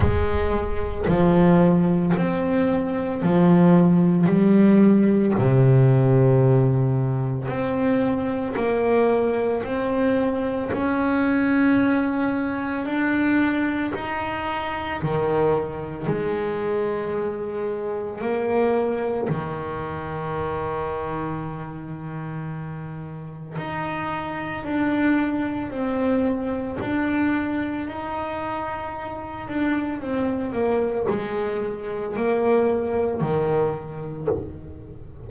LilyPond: \new Staff \with { instrumentName = "double bass" } { \time 4/4 \tempo 4 = 56 gis4 f4 c'4 f4 | g4 c2 c'4 | ais4 c'4 cis'2 | d'4 dis'4 dis4 gis4~ |
gis4 ais4 dis2~ | dis2 dis'4 d'4 | c'4 d'4 dis'4. d'8 | c'8 ais8 gis4 ais4 dis4 | }